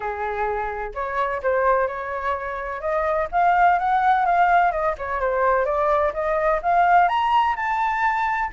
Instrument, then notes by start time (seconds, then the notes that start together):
flute
0.00 G#4
0.94 C#5
1.42 C5
1.87 C#5
2.80 D#5
3.31 F5
3.78 F#5
4.25 F5
4.71 D#5
4.98 C#5
5.20 C5
5.65 D5
6.13 D#5
6.62 F5
7.08 A#5
7.55 A5